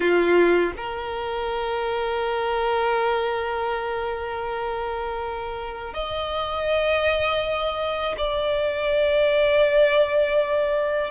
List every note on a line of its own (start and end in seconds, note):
0.00 0.72 F4
0.76 5.93 A#4
5.93 8.15 D#5
8.17 11.10 D5